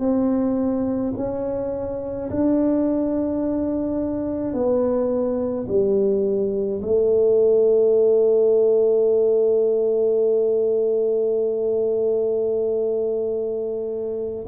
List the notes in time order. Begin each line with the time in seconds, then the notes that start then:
0.00 C4
1.17 C#4
2.31 D4
4.54 B3
5.69 G3
6.82 A3